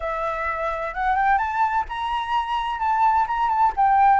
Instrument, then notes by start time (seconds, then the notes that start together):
flute
0.00 E5
0.94 F#5
1.15 G5
1.37 A5
1.88 A#5
2.79 A5
3.27 A#5
3.49 A5
3.76 G5